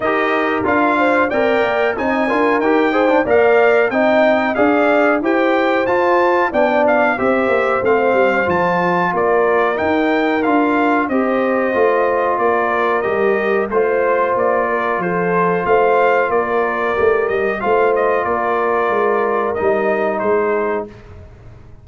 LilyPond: <<
  \new Staff \with { instrumentName = "trumpet" } { \time 4/4 \tempo 4 = 92 dis''4 f''4 g''4 gis''4 | g''4 f''4 g''4 f''4 | g''4 a''4 g''8 f''8 e''4 | f''4 a''4 d''4 g''4 |
f''4 dis''2 d''4 | dis''4 c''4 d''4 c''4 | f''4 d''4. dis''8 f''8 dis''8 | d''2 dis''4 c''4 | }
  \new Staff \with { instrumentName = "horn" } { \time 4/4 ais'4. c''8 d''4 dis''8 ais'8~ | ais'8 c''8 d''4 dis''4 d''4 | c''2 d''4 c''4~ | c''2 ais'2~ |
ais'4 c''2 ais'4~ | ais'4 c''4. ais'8 a'4 | c''4 ais'2 c''4 | ais'2. gis'4 | }
  \new Staff \with { instrumentName = "trombone" } { \time 4/4 g'4 f'4 ais'4 dis'8 f'8 | g'8 gis'16 d'16 ais'4 dis'4 gis'4 | g'4 f'4 d'4 g'4 | c'4 f'2 dis'4 |
f'4 g'4 f'2 | g'4 f'2.~ | f'2 g'4 f'4~ | f'2 dis'2 | }
  \new Staff \with { instrumentName = "tuba" } { \time 4/4 dis'4 d'4 c'8 ais8 c'8 d'8 | dis'4 ais4 c'4 d'4 | e'4 f'4 b4 c'8 ais8 | a8 g8 f4 ais4 dis'4 |
d'4 c'4 a4 ais4 | g4 a4 ais4 f4 | a4 ais4 a8 g8 a4 | ais4 gis4 g4 gis4 | }
>>